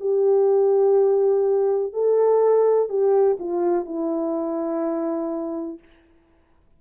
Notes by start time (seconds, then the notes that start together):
0.00 G4
1.93 A4
2.89 G4
3.40 F4
3.85 E4